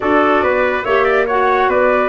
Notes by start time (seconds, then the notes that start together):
0.00 D4 F#4 A4 D5
0.42 B3 B4
0.83 A#3 G4 C#5 E5
1.04 D5
1.26 F#4 C#5 F#5
1.68 B3 B4 D5